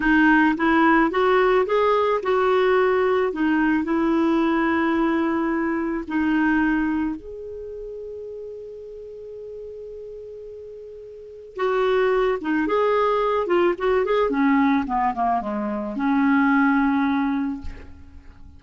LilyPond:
\new Staff \with { instrumentName = "clarinet" } { \time 4/4 \tempo 4 = 109 dis'4 e'4 fis'4 gis'4 | fis'2 dis'4 e'4~ | e'2. dis'4~ | dis'4 gis'2.~ |
gis'1~ | gis'4 fis'4. dis'8 gis'4~ | gis'8 f'8 fis'8 gis'8 cis'4 b8 ais8 | gis4 cis'2. | }